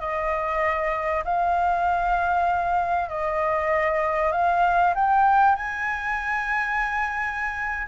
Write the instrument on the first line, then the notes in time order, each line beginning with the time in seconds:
flute
0.00 D#5
1.24 F5
3.09 D#5
4.32 F5
4.95 G5
5.56 G#5